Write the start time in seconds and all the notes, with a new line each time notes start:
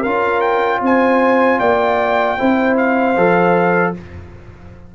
0.00 C#4 F4 A#4 F5
0.40 G5
0.80 C4 C5 G#5
1.59 A#3 D5 G5
2.38 C4 E4 C5
2.77 F5
3.16 F3 A4